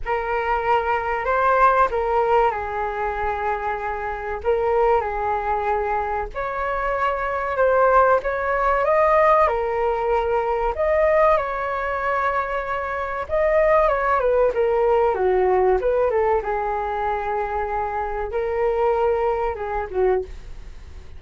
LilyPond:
\new Staff \with { instrumentName = "flute" } { \time 4/4 \tempo 4 = 95 ais'2 c''4 ais'4 | gis'2. ais'4 | gis'2 cis''2 | c''4 cis''4 dis''4 ais'4~ |
ais'4 dis''4 cis''2~ | cis''4 dis''4 cis''8 b'8 ais'4 | fis'4 b'8 a'8 gis'2~ | gis'4 ais'2 gis'8 fis'8 | }